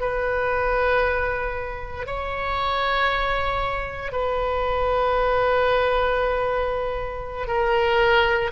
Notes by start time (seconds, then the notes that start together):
0.00 B4
2.06 C#5
4.12 B4
7.47 A#4